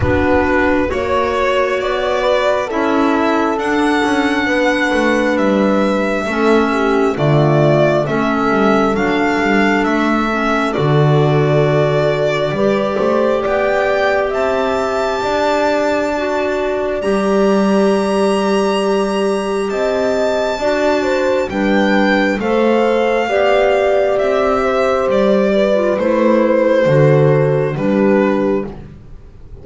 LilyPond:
<<
  \new Staff \with { instrumentName = "violin" } { \time 4/4 \tempo 4 = 67 b'4 cis''4 d''4 e''4 | fis''2 e''2 | d''4 e''4 f''4 e''4 | d''2. g''4 |
a''2. ais''4~ | ais''2 a''2 | g''4 f''2 e''4 | d''4 c''2 b'4 | }
  \new Staff \with { instrumentName = "horn" } { \time 4/4 fis'4 cis''4. b'8 a'4~ | a'4 b'2 a'8 g'8 | f'4 a'2.~ | a'2 b'8 c''8 d''4 |
e''4 d''2.~ | d''2 dis''4 d''8 c''8 | b'4 c''4 d''4. c''8~ | c''8 b'4. a'4 g'4 | }
  \new Staff \with { instrumentName = "clarinet" } { \time 4/4 d'4 fis'2 e'4 | d'2. cis'4 | a4 cis'4 d'4. cis'8 | fis'2 g'2~ |
g'2 fis'4 g'4~ | g'2. fis'4 | d'4 a'4 g'2~ | g'8. f'16 e'4 fis'4 d'4 | }
  \new Staff \with { instrumentName = "double bass" } { \time 4/4 b4 ais4 b4 cis'4 | d'8 cis'8 b8 a8 g4 a4 | d4 a8 g8 fis8 g8 a4 | d2 g8 a8 b4 |
c'4 d'2 g4~ | g2 c'4 d'4 | g4 a4 b4 c'4 | g4 a4 d4 g4 | }
>>